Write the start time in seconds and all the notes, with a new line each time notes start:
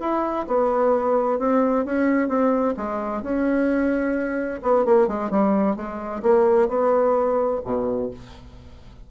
0.00 E4
0.47 B3
1.39 C4
1.85 C#4
2.28 C4
2.77 G#3
3.22 C#4
4.62 B3
4.85 A#3
5.07 G#3
5.30 G3
5.76 G#3
6.22 A#3
6.68 B3
7.64 B2